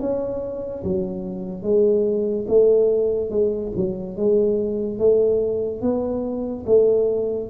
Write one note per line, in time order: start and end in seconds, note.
0.00 0.83 C#4
0.84 1.63 F#3
1.63 2.46 G#3
2.48 3.31 A3
3.31 3.72 G#3
3.77 4.17 F#3
4.17 4.98 G#3
4.98 5.82 A3
5.82 6.65 B3
6.67 7.50 A3